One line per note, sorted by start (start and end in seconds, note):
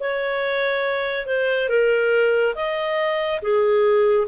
0.00 1.26 C#5
1.26 1.69 C5
1.69 2.55 A#4
2.55 3.41 D#5
3.42 4.27 G#4